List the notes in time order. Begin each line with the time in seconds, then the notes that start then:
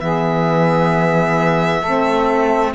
0.00 E3 B3 G#4 E5
1.80 A3 C4 A4